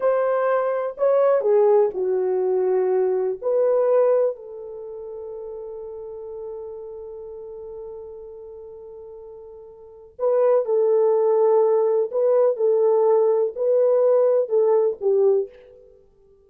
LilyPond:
\new Staff \with { instrumentName = "horn" } { \time 4/4 \tempo 4 = 124 c''2 cis''4 gis'4 | fis'2. b'4~ | b'4 a'2.~ | a'1~ |
a'1~ | a'4 b'4 a'2~ | a'4 b'4 a'2 | b'2 a'4 g'4 | }